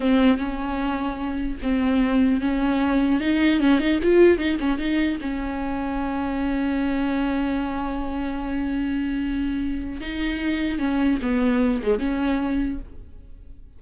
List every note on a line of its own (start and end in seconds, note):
0.00 0.37 C4
0.37 1.57 C#4
1.62 2.40 C4
2.40 3.20 C#4
3.20 3.59 D#4
3.59 3.79 C#4
3.79 3.99 D#4
4.03 4.37 F4
4.37 4.57 D#4
4.59 4.78 C#4
4.78 5.18 D#4
5.21 10.00 C#4
10.00 10.79 D#4
10.79 11.19 C#4
11.21 11.81 B3
11.82 11.99 G#3
11.99 12.79 C#4